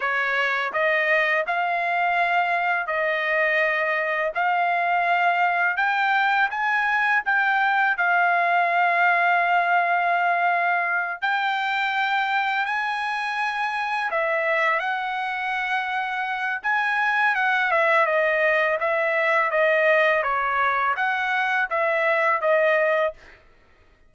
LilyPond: \new Staff \with { instrumentName = "trumpet" } { \time 4/4 \tempo 4 = 83 cis''4 dis''4 f''2 | dis''2 f''2 | g''4 gis''4 g''4 f''4~ | f''2.~ f''8 g''8~ |
g''4. gis''2 e''8~ | e''8 fis''2~ fis''8 gis''4 | fis''8 e''8 dis''4 e''4 dis''4 | cis''4 fis''4 e''4 dis''4 | }